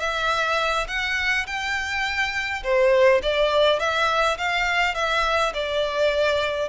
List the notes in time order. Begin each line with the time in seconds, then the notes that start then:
0.00 E5
0.88 F#5
1.47 G5
2.64 C5
3.23 D5
3.80 E5
4.38 F5
4.95 E5
5.54 D5